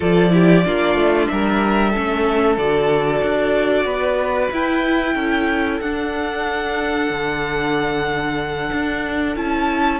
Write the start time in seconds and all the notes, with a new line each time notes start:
0.00 F3 F4 A4 D5
0.30 E4 G4
0.63 A#3 D4 F4
0.95 A3
1.27 G3 A#4 E5
1.91 C#4 A4
1.97 A3
2.57 D3 F#4 D5
3.23 D4
3.84 B3 B4
4.51 E4 G5
5.14 C#4 A4
5.80 D4 F#5
7.10 D3
8.72 D4
9.36 C#4 E4 A5